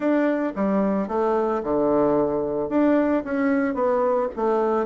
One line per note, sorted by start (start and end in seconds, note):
0.00 0.53 D4
0.55 1.07 G3
1.07 1.61 A3
1.63 2.69 D3
2.69 3.23 D4
3.24 3.74 C#4
3.74 4.28 B3
4.36 4.86 A3